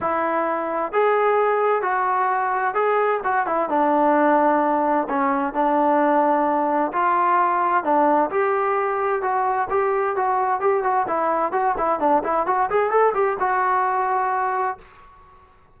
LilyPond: \new Staff \with { instrumentName = "trombone" } { \time 4/4 \tempo 4 = 130 e'2 gis'2 | fis'2 gis'4 fis'8 e'8 | d'2. cis'4 | d'2. f'4~ |
f'4 d'4 g'2 | fis'4 g'4 fis'4 g'8 fis'8 | e'4 fis'8 e'8 d'8 e'8 fis'8 gis'8 | a'8 g'8 fis'2. | }